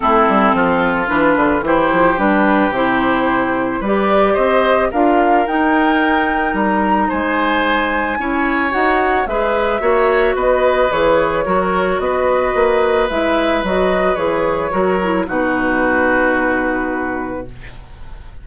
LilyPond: <<
  \new Staff \with { instrumentName = "flute" } { \time 4/4 \tempo 4 = 110 a'2 b'4 c''4 | b'4 c''2 d''4 | dis''4 f''4 g''2 | ais''4 gis''2. |
fis''4 e''2 dis''4 | cis''2 dis''2 | e''4 dis''4 cis''2 | b'1 | }
  \new Staff \with { instrumentName = "oboe" } { \time 4/4 e'4 f'2 g'4~ | g'2. b'4 | c''4 ais'2.~ | ais'4 c''2 cis''4~ |
cis''4 b'4 cis''4 b'4~ | b'4 ais'4 b'2~ | b'2. ais'4 | fis'1 | }
  \new Staff \with { instrumentName = "clarinet" } { \time 4/4 c'2 d'4 e'4 | d'4 e'2 g'4~ | g'4 f'4 dis'2~ | dis'2. e'4 |
fis'4 gis'4 fis'2 | gis'4 fis'2. | e'4 fis'4 gis'4 fis'8 e'8 | dis'1 | }
  \new Staff \with { instrumentName = "bassoon" } { \time 4/4 a8 g8 f4 e8 d8 e8 f8 | g4 c2 g4 | c'4 d'4 dis'2 | g4 gis2 cis'4 |
dis'4 gis4 ais4 b4 | e4 fis4 b4 ais4 | gis4 fis4 e4 fis4 | b,1 | }
>>